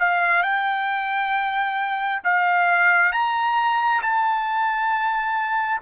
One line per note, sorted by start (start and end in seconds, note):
0.00 0.43 F5
0.43 2.22 G5
2.24 3.12 F5
3.12 4.02 A#5
4.02 5.81 A5